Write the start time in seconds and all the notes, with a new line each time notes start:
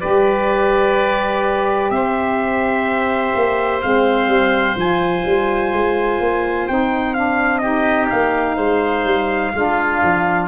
0.00 G3 G4 B4 D5
1.90 C4 C5 E5
3.35 A#3
3.82 G#3 C4 F5
4.27 G3
4.76 F3 F4 G#5
5.25 G3
5.72 G#3
6.20 A#3
6.67 C4 D#4 G5
7.14 D4 F5
7.58 D#4 G4 D#5
8.10 A#3 F5
8.56 G#3 C5
9.04 G3
9.54 G#3 D4 F4
10.03 F3